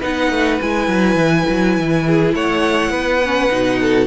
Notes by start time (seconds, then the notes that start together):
0.00 B3 D#4 B4 F#5
0.30 A3
0.61 G#3 E4 G#5
0.88 F#3
1.16 E3
1.49 F#3
1.79 E3
2.07 G#4
2.34 A3 C#5 F#5
2.90 B3 B4
3.25 C#4
3.50 B2 D#4
3.81 A4